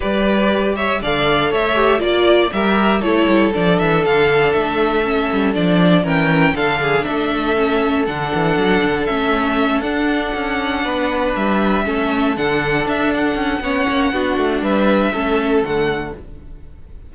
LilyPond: <<
  \new Staff \with { instrumentName = "violin" } { \time 4/4 \tempo 4 = 119 d''4. e''8 f''4 e''4 | d''4 e''4 cis''4 d''8 e''8 | f''4 e''2 d''4 | g''4 f''4 e''2 |
fis''2 e''4. fis''8~ | fis''2~ fis''8 e''4.~ | e''8 fis''4 e''8 fis''2~ | fis''4 e''2 fis''4 | }
  \new Staff \with { instrumentName = "violin" } { \time 4/4 b'4. cis''8 d''4 cis''4 | d''4 ais'4 a'2~ | a'1 | ais'4 a'8 gis'8 a'2~ |
a'1~ | a'4. b'2 a'8~ | a'2. cis''4 | fis'4 b'4 a'2 | }
  \new Staff \with { instrumentName = "viola" } { \time 4/4 g'2 a'4. g'8 | f'4 g'4 e'4 d'4~ | d'2 cis'4 d'4 | cis'4 d'2 cis'4 |
d'2 cis'4. d'8~ | d'2.~ d'8 cis'8~ | cis'8 d'2~ d'8 cis'4 | d'2 cis'4 a4 | }
  \new Staff \with { instrumentName = "cello" } { \time 4/4 g2 d4 a4 | ais4 g4 a8 g8 f8 e8 | d4 a4. g8 f4 | e4 d4 a2 |
d8 e8 fis8 d8 a4. d'8~ | d'8 cis'4 b4 g4 a8~ | a8 d4 d'4 cis'8 b8 ais8 | b8 a8 g4 a4 d4 | }
>>